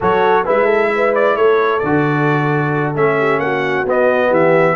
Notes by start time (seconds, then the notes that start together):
0.00 F#3 F#4 A4 C#5
0.45 G#3 E4 B4 E5
0.65 A4
0.95 B4
1.14 D5
1.35 A3 A4 C#5
1.79 D3 F#4 D5
2.95 A3 C#4 E5
3.18 G4
3.39 A#3 F#4 F#5
3.85 B3 D#5
4.28 E3 G4 E5